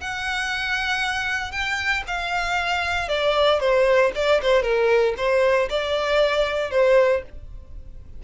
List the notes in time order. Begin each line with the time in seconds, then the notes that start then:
0.00 F#5
1.51 G5
2.07 F5
3.08 D5
3.60 C5
4.15 D5
4.42 C5
4.62 A#4
5.17 C5
5.69 D5
6.70 C5